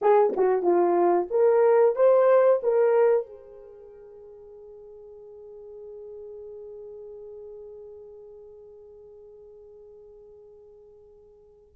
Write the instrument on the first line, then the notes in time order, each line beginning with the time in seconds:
horn
0.01 G#4
0.36 F#4
0.62 F4
1.30 A#4
1.95 C5
2.62 A#4
3.26 G#4